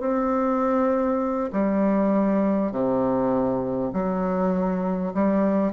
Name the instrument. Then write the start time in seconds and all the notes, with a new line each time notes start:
bassoon
0.00 C4
1.53 G3
2.72 C3
3.93 F#3
5.14 G3